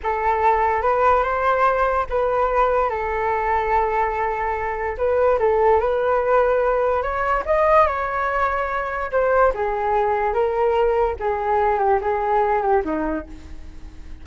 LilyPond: \new Staff \with { instrumentName = "flute" } { \time 4/4 \tempo 4 = 145 a'2 b'4 c''4~ | c''4 b'2 a'4~ | a'1 | b'4 a'4 b'2~ |
b'4 cis''4 dis''4 cis''4~ | cis''2 c''4 gis'4~ | gis'4 ais'2 gis'4~ | gis'8 g'8 gis'4. g'8 dis'4 | }